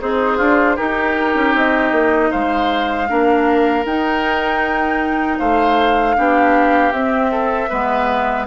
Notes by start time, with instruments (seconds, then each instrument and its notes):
0.00 bassoon C4, oboe D#4, clarinet G#4, flute C5
0.37 bassoon D4, oboe F4
0.76 clarinet D#4, bassoon D#4, oboe G4, flute A#4
1.34 bassoon C#4
1.54 bassoon C4, flute D#5
1.91 bassoon A#3
2.31 bassoon G#3, oboe C5, flute F5
3.07 bassoon A#3, clarinet D4, oboe A#4
3.84 bassoon D#4, clarinet D#4, flute G5
5.38 bassoon A3, oboe C5, flute F5
6.16 bassoon B3, clarinet D4, oboe G4
6.92 bassoon C4, clarinet C4, flute E5
7.31 oboe A4
7.69 bassoon G#3, clarinet B3, oboe B4